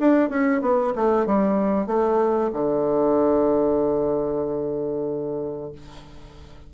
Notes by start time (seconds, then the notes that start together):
0.00 D4
0.30 C#4
0.62 B3
0.96 A3
1.26 G3
1.87 A3
2.53 D3